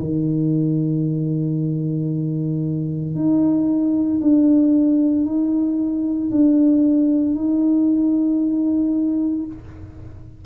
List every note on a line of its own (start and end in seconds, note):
0.00 3.15 D#3
3.15 4.20 D#4
4.21 5.25 D4
5.25 6.31 D#4
6.31 7.35 D4
7.35 9.46 D#4